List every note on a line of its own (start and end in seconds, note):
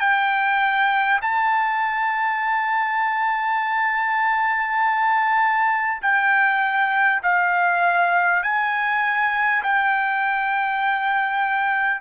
0.00 1.20 G5
1.22 6.02 A5
6.02 7.22 G5
7.23 8.42 F5
8.42 9.62 G#5
9.63 12.01 G5